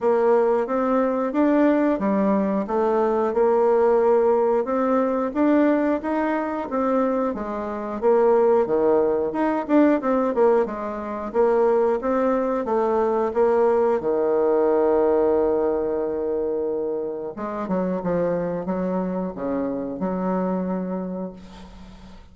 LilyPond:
\new Staff \with { instrumentName = "bassoon" } { \time 4/4 \tempo 4 = 90 ais4 c'4 d'4 g4 | a4 ais2 c'4 | d'4 dis'4 c'4 gis4 | ais4 dis4 dis'8 d'8 c'8 ais8 |
gis4 ais4 c'4 a4 | ais4 dis2.~ | dis2 gis8 fis8 f4 | fis4 cis4 fis2 | }